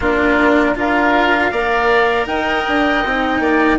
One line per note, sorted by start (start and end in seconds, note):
0.00 0.75 A#3
0.00 0.75 D4
0.00 0.74 F4
0.00 0.78 A#4
0.75 1.52 D4
0.75 1.51 F4
0.75 1.51 A#4
0.75 2.26 F5
1.51 2.26 A#3
1.51 3.03 A#4
1.51 2.27 D5
2.26 2.64 D#4
2.26 3.41 D#5
2.26 3.78 G5
2.68 3.05 D4
3.05 3.39 C4
3.05 3.79 D#4
3.39 3.77 A#3
3.39 3.78 D5